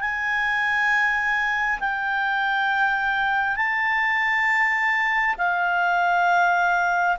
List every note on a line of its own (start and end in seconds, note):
0.00 1.79 G#5
1.80 3.56 G5
3.56 5.35 A5
5.37 7.16 F5